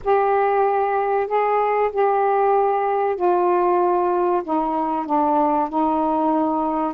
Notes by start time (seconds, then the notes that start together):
0.04 G4
1.27 G#4
1.92 G4
3.16 F4
4.44 D#4
5.06 D4
5.69 D#4